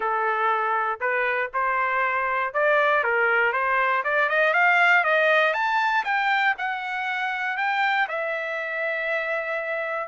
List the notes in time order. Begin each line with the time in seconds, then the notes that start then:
0.00 A4
1.00 B4
1.53 C5
2.53 D5
3.03 A#4
3.52 C5
4.04 D5
4.29 D#5
4.53 F5
5.04 D#5
5.53 A5
6.04 G5
6.58 F#5
7.57 G5
8.08 E5